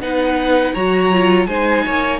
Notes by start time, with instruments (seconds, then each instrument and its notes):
0.00 cello B3, viola D#4, violin B4 F#5
0.74 cello F#3, viola F#4, violin C#5 A#5
1.12 viola F4
1.46 cello G#3, viola D#4, violin C5 G#5
1.86 cello A#3, violin C#5